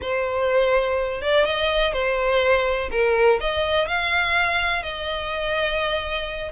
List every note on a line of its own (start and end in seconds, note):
0.01 1.21 C5
1.21 1.45 D5
1.45 1.92 D#5
1.92 2.89 C5
2.91 3.39 A#4
3.40 3.87 D#5
3.87 4.82 F5
4.82 6.52 D#5